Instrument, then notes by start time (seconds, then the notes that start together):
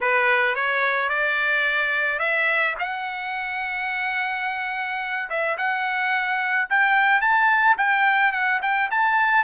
trumpet
0.01 B4
0.55 C#5
1.09 D5
2.19 E5
2.79 F#5
5.29 E5
5.57 F#5
6.69 G5
7.21 A5
7.77 G5
8.32 F#5
8.62 G5
8.90 A5